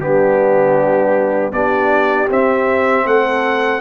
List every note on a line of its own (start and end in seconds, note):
0.00 1.52 G3
0.00 1.52 B3
0.00 1.54 D4
0.00 1.52 G4
1.53 2.28 B3
1.53 2.29 D4
1.53 3.06 G4
1.53 2.29 D5
2.30 3.06 C4
2.30 3.81 C4
2.30 3.07 E5
3.06 3.81 A3
3.06 3.81 A4
3.06 3.81 F#5